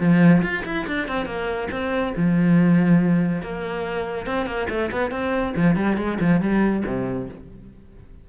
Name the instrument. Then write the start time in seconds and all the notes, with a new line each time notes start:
cello
0.00 F3
0.43 F4
0.65 E4
0.87 D4
1.08 C4
1.26 A#3
1.72 C4
2.17 F3
3.43 A#3
4.27 C4
4.47 A#3
4.70 A3
4.92 B3
5.12 C4
5.57 F3
5.76 G3
5.97 G#3
6.21 F3
6.42 G3
6.86 C3